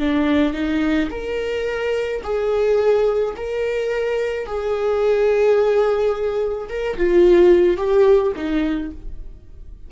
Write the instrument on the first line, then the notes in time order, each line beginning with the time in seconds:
viola
0.00 D4
0.54 D#4
1.11 A#4
2.24 G#4
3.37 A#4
4.47 G#4
6.70 A#4
6.97 F4
7.77 G4
8.36 D#4